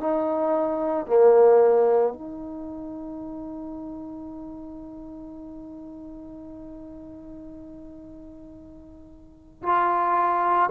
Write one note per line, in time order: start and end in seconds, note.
0.00 1.07 D#4
1.07 2.14 A#3
2.14 9.63 D#4
9.63 10.70 F4